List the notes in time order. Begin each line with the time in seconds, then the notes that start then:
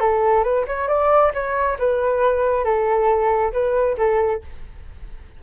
0.00 A4
0.44 B4
0.67 C#5
0.88 D5
1.34 C#5
1.79 B4
2.65 A4
3.53 B4
3.98 A4